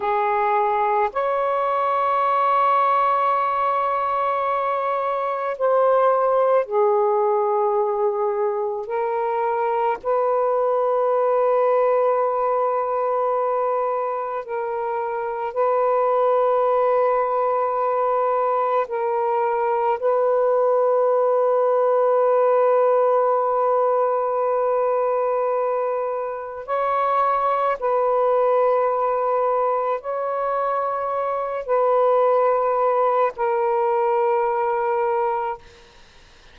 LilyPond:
\new Staff \with { instrumentName = "saxophone" } { \time 4/4 \tempo 4 = 54 gis'4 cis''2.~ | cis''4 c''4 gis'2 | ais'4 b'2.~ | b'4 ais'4 b'2~ |
b'4 ais'4 b'2~ | b'1 | cis''4 b'2 cis''4~ | cis''8 b'4. ais'2 | }